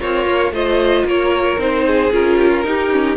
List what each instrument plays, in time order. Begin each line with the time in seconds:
0.00 cello C4, violin F4 C#5, viola A#4
0.26 cello A#3
0.51 cello A3, viola F4, violin C5 D#5
1.05 cello A#3, violin A#4 C#5
1.58 cello C4, viola D#4, violin C5
1.87 violin G#4
2.12 cello C#4, viola F4, violin A#4
2.38 violin G4
2.50 violin F4
2.64 viola D#4, cello D#4, violin G4
2.91 viola C#4